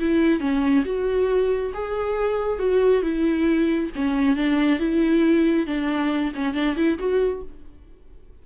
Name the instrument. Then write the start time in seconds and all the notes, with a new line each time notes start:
viola
0.00 E4
0.40 C#4
0.86 F#4
1.74 G#4
2.59 F#4
3.03 E4
3.96 C#4
4.37 D4
4.80 E4
5.67 D4
6.35 C#4
6.55 D4
6.77 E4
6.99 F#4